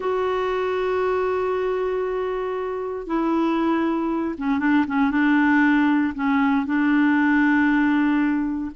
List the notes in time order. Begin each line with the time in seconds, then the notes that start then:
0.00 F#4
3.06 E4
4.38 C#4
4.59 D4
4.87 C#4
5.10 D4
6.14 C#4
6.66 D4